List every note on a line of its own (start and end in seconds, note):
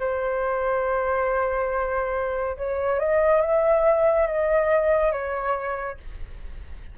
0.00 2.57 C5
2.58 3.00 C#5
3.00 3.42 D#5
3.42 4.27 E5
4.27 5.12 D#5
5.12 5.98 C#5